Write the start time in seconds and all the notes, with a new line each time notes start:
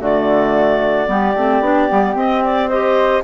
0.00 D3 A3 F#4 D5
1.07 G3 B3 G4
1.35 A3 C4
1.60 B3 D4
1.89 G3 B3
2.15 C4 D#5
2.44 D5
2.69 G4 C5 D#5